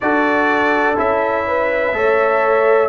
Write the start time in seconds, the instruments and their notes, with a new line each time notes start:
0.00 tuba D4, trombone F#4, horn A4, trumpet D5
0.95 tuba C#4, trombone E4, trumpet E5
1.47 horn B4
1.93 tuba A3, trombone A4, horn C#5